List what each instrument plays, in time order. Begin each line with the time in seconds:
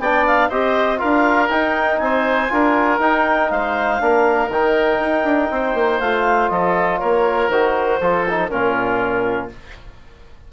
0.00 bassoon B3, trombone D4, oboe D5, clarinet G5
0.27 clarinet F5
0.49 bassoon C4, trombone G4, oboe C5, clarinet D#5
0.97 bassoon D4, trombone F4, oboe A#4, clarinet F5
1.50 bassoon D#4, trombone D#4, clarinet G5
1.99 bassoon C4, oboe C5, clarinet G#5
2.49 bassoon D4, trombone F4, oboe A#4
2.99 bassoon D#4, trombone D#4, clarinet G5
3.50 bassoon G#3, oboe C5, clarinet F5
4.00 bassoon A#3, trombone D4, oboe A#4
4.48 bassoon D#3, trombone D#4, clarinet G5
4.99 bassoon D#4
5.24 bassoon D4
5.51 bassoon C4, oboe C5
5.74 bassoon A#3
6.00 bassoon A3, trombone F4, clarinet F5
6.49 bassoon F3, oboe A4, clarinet D#5
6.99 bassoon A#3, oboe A#4, clarinet C#5
7.48 bassoon D#3, trombone F#4, clarinet C5
8.01 bassoon F3, trombone F4, oboe A4
8.30 trombone D#4
8.49 bassoon A#2, trombone C#4, oboe F4, clarinet A#4